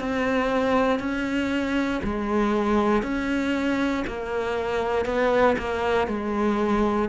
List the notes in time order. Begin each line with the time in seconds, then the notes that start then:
0.00 C4
0.99 C#4
2.03 G#3
3.03 C#4
4.07 A#3
5.05 B3
5.58 A#3
6.07 G#3